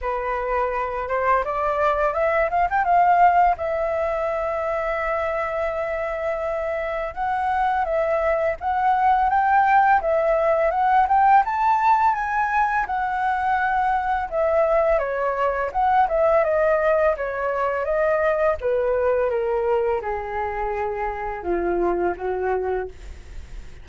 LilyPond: \new Staff \with { instrumentName = "flute" } { \time 4/4 \tempo 4 = 84 b'4. c''8 d''4 e''8 f''16 g''16 | f''4 e''2.~ | e''2 fis''4 e''4 | fis''4 g''4 e''4 fis''8 g''8 |
a''4 gis''4 fis''2 | e''4 cis''4 fis''8 e''8 dis''4 | cis''4 dis''4 b'4 ais'4 | gis'2 f'4 fis'4 | }